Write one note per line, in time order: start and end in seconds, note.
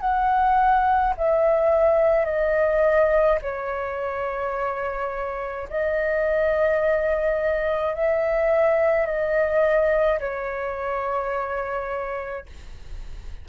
0.00 1.13 F#5
1.17 2.25 E5
2.25 3.38 D#5
3.42 5.68 C#5
5.69 7.95 D#5
7.95 9.06 E5
9.06 10.19 D#5
10.19 12.46 C#5